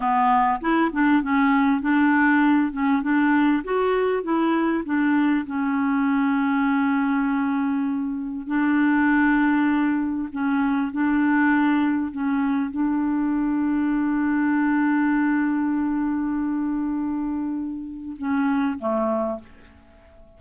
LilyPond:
\new Staff \with { instrumentName = "clarinet" } { \time 4/4 \tempo 4 = 99 b4 e'8 d'8 cis'4 d'4~ | d'8 cis'8 d'4 fis'4 e'4 | d'4 cis'2.~ | cis'2 d'2~ |
d'4 cis'4 d'2 | cis'4 d'2.~ | d'1~ | d'2 cis'4 a4 | }